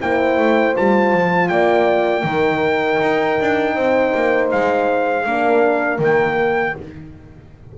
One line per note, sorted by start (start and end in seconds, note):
0.00 0.37 A#3
0.00 0.74 E4
0.00 1.50 C5
0.00 0.75 G5
0.37 0.75 A3
0.74 1.12 G3
0.74 2.24 F4
0.74 1.48 A5
1.12 1.50 F3
1.48 2.23 A#3
1.48 2.25 D5
1.48 4.48 G5
2.23 2.98 D#3
2.23 5.26 D#4
2.23 3.75 A#4
3.01 3.39 D#4
3.40 3.75 D4
3.75 4.13 C4
3.75 5.25 C5
4.14 4.52 A#3
4.51 5.26 G#3
4.51 6.01 F5
5.26 5.98 A#3
5.26 5.99 D4
5.26 6.77 A#4
5.98 6.73 D#3
5.98 6.74 A#3
5.98 6.78 G5